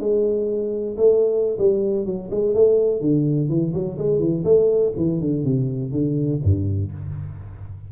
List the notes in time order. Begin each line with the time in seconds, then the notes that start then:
0.00 G#3
0.98 A3
1.59 G3
2.06 F#3
2.31 G#3
2.55 A3
3.01 D3
3.49 E3
3.74 F#3
3.99 G#3
4.20 E3
4.45 A3
4.97 E3
5.21 D3
5.45 C3
5.92 D3
6.44 G2